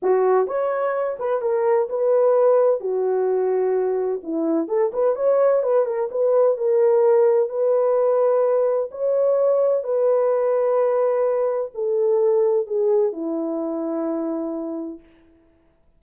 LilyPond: \new Staff \with { instrumentName = "horn" } { \time 4/4 \tempo 4 = 128 fis'4 cis''4. b'8 ais'4 | b'2 fis'2~ | fis'4 e'4 a'8 b'8 cis''4 | b'8 ais'8 b'4 ais'2 |
b'2. cis''4~ | cis''4 b'2.~ | b'4 a'2 gis'4 | e'1 | }